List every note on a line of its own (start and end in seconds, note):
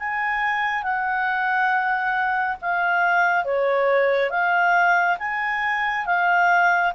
0.00 0.83 G#5
0.83 2.57 F#5
2.62 3.45 F5
3.45 4.31 C#5
4.31 5.18 F5
5.19 6.06 G#5
6.06 6.93 F5